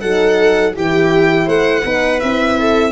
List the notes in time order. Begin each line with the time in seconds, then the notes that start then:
0.00 F#3 D#4 A4 F#5
0.75 E3 E4 G4 G5
1.46 A3 C5 F#5
1.84 B3 D#4 B4
2.20 C4 E4 E5
2.59 A4